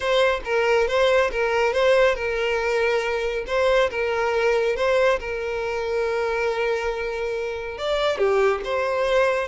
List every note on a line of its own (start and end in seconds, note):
0.00 0.40 C5
0.44 0.87 A#4
0.87 1.30 C5
1.31 1.73 A#4
1.73 2.15 C5
2.15 3.44 A#4
3.46 3.89 C5
3.90 4.76 A#4
4.76 5.19 C5
5.19 7.78 A#4
7.78 8.18 D5
8.18 8.61 G4
8.64 9.48 C5